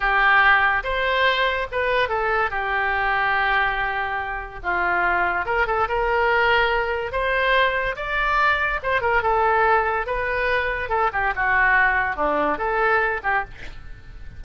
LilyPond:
\new Staff \with { instrumentName = "oboe" } { \time 4/4 \tempo 4 = 143 g'2 c''2 | b'4 a'4 g'2~ | g'2. f'4~ | f'4 ais'8 a'8 ais'2~ |
ais'4 c''2 d''4~ | d''4 c''8 ais'8 a'2 | b'2 a'8 g'8 fis'4~ | fis'4 d'4 a'4. g'8 | }